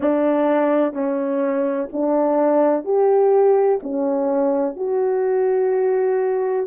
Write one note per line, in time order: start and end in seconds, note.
0.00 0.93 D4
0.93 1.88 C#4
1.92 2.84 D4
2.84 3.79 G4
3.83 4.76 C#4
4.76 6.66 F#4